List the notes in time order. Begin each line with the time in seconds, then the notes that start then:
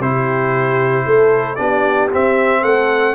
0.00 C3 E4 G4 C5
1.06 A3 A4
1.56 B3 D4 G4 D5
2.12 C4 E5
2.62 A3 A4 F#5